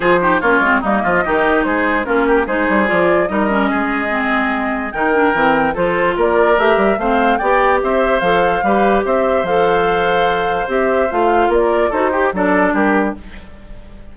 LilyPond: <<
  \new Staff \with { instrumentName = "flute" } { \time 4/4 \tempo 4 = 146 c''4 cis''4 dis''2 | c''4 ais'4 c''4 d''4 | dis''1 | g''2 c''4 d''4 |
e''4 f''4 g''4 e''4 | f''2 e''4 f''4~ | f''2 e''4 f''4 | d''4 c''4 d''4 ais'4 | }
  \new Staff \with { instrumentName = "oboe" } { \time 4/4 gis'8 g'8 f'4 dis'8 f'8 g'4 | gis'4 f'8 g'8 gis'2 | ais'4 gis'2. | ais'2 a'4 ais'4~ |
ais'4 c''4 d''4 c''4~ | c''4 b'4 c''2~ | c''1 | ais'4 a'8 g'8 a'4 g'4 | }
  \new Staff \with { instrumentName = "clarinet" } { \time 4/4 f'8 dis'8 cis'8 c'8 ais4 dis'4~ | dis'4 cis'4 dis'4 f'4 | dis'8 cis'4. c'2 | dis'8 d'8 c'4 f'2 |
g'4 c'4 g'2 | a'4 g'2 a'4~ | a'2 g'4 f'4~ | f'4 fis'8 g'8 d'2 | }
  \new Staff \with { instrumentName = "bassoon" } { \time 4/4 f4 ais8 gis8 g8 f8 dis4 | gis4 ais4 gis8 g8 f4 | g4 gis2. | dis4 e4 f4 ais4 |
a8 g8 a4 b4 c'4 | f4 g4 c'4 f4~ | f2 c'4 a4 | ais4 dis'4 fis4 g4 | }
>>